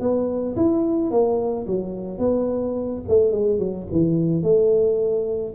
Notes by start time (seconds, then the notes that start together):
0.00 B3
0.56 E4
1.11 A#3
1.66 F#3
2.18 B3
3.08 A3
3.32 G#3
3.58 F#3
3.91 E3
4.43 A3